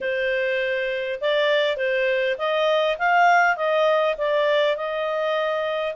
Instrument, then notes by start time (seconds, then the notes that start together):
clarinet
0.00 C5
1.20 D5
1.77 C5
2.38 D#5
2.98 F5
3.56 D#5
4.17 D5
4.76 D#5